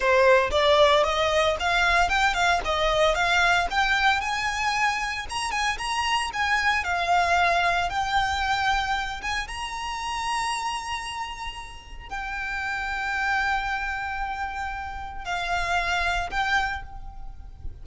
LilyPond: \new Staff \with { instrumentName = "violin" } { \time 4/4 \tempo 4 = 114 c''4 d''4 dis''4 f''4 | g''8 f''8 dis''4 f''4 g''4 | gis''2 ais''8 gis''8 ais''4 | gis''4 f''2 g''4~ |
g''4. gis''8 ais''2~ | ais''2. g''4~ | g''1~ | g''4 f''2 g''4 | }